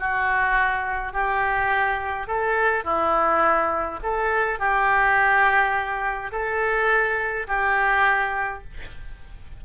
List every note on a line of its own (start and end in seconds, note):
0.00 1.13 F#4
1.13 2.28 G4
2.28 2.85 A4
2.85 4.00 E4
4.03 4.60 A4
4.60 6.32 G4
6.32 7.47 A4
7.48 8.64 G4